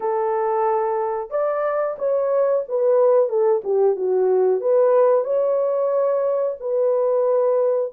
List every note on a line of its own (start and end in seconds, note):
0.00 1.30 A4
1.30 1.96 D5
1.98 2.64 C#5
2.68 3.29 B4
3.29 3.62 A4
3.64 3.96 G4
3.96 4.60 F#4
4.60 5.24 B4
5.24 6.56 C#5
6.60 7.92 B4